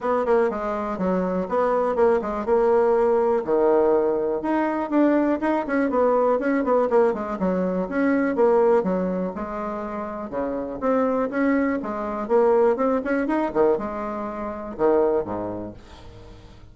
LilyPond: \new Staff \with { instrumentName = "bassoon" } { \time 4/4 \tempo 4 = 122 b8 ais8 gis4 fis4 b4 | ais8 gis8 ais2 dis4~ | dis4 dis'4 d'4 dis'8 cis'8 | b4 cis'8 b8 ais8 gis8 fis4 |
cis'4 ais4 fis4 gis4~ | gis4 cis4 c'4 cis'4 | gis4 ais4 c'8 cis'8 dis'8 dis8 | gis2 dis4 gis,4 | }